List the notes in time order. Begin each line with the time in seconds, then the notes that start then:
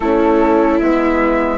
0.00 A3 C#4 E4 A4
0.79 G#3 B3 E5